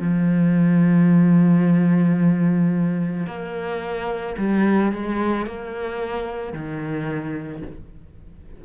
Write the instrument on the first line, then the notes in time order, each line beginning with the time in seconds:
cello
0.00 F3
3.27 A#3
4.38 G3
4.92 G#3
5.46 A#3
6.54 D#3